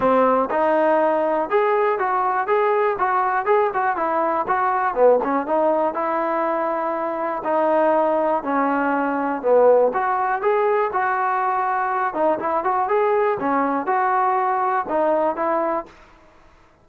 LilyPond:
\new Staff \with { instrumentName = "trombone" } { \time 4/4 \tempo 4 = 121 c'4 dis'2 gis'4 | fis'4 gis'4 fis'4 gis'8 fis'8 | e'4 fis'4 b8 cis'8 dis'4 | e'2. dis'4~ |
dis'4 cis'2 b4 | fis'4 gis'4 fis'2~ | fis'8 dis'8 e'8 fis'8 gis'4 cis'4 | fis'2 dis'4 e'4 | }